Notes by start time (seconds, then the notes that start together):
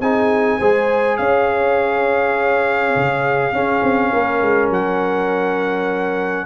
0.00 C4 D#4 G#4 G#5
0.59 G#3 G#4 C5
1.17 C#4 C#5 F5
2.96 C#3
3.52 C#4 G#4
3.82 C4
4.11 A#3 A#4
4.41 G#3
4.69 F#3 F#5